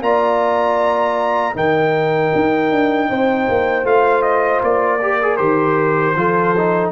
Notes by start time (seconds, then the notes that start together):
0.00 A#3 F4 D5 A#5
1.53 D#3 D#4 A#4 G5
2.35 D#4
2.71 D4
3.09 C4 C5
3.48 A#3
3.84 A3 F4 F5
4.22 D#5
4.62 A#3 D5
5.01 G4 A#4
5.22 G#4
5.36 D#3 G4 C5
6.15 F3 F4 A4
6.57 D#4